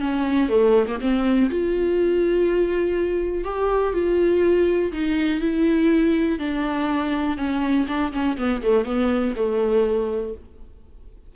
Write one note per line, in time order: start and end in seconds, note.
0.00 0.49 C#4
0.49 0.86 A3
0.87 0.99 A#3
1.00 1.50 C4
1.50 3.44 F4
3.44 3.93 G4
3.93 4.92 F4
4.92 5.40 D#4
5.40 6.38 E4
6.38 7.37 D4
7.37 7.86 C#4
7.87 8.12 D4
8.12 8.37 C#4
8.37 8.62 B3
8.62 8.85 A3
8.85 9.34 B3
9.36 10.34 A3